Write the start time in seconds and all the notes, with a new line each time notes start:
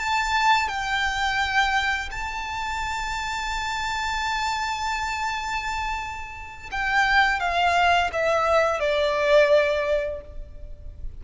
0.00 A5
0.68 G5
2.11 A5
6.72 G5
7.40 F5
8.12 E5
8.79 D5